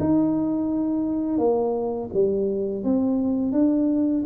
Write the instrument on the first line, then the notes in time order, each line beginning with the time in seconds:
tuba
0.00 D#4
1.38 A#3
2.14 G3
2.84 C4
3.53 D4